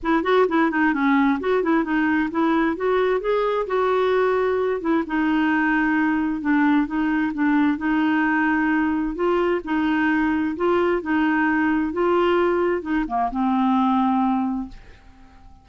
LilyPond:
\new Staff \with { instrumentName = "clarinet" } { \time 4/4 \tempo 4 = 131 e'8 fis'8 e'8 dis'8 cis'4 fis'8 e'8 | dis'4 e'4 fis'4 gis'4 | fis'2~ fis'8 e'8 dis'4~ | dis'2 d'4 dis'4 |
d'4 dis'2. | f'4 dis'2 f'4 | dis'2 f'2 | dis'8 ais8 c'2. | }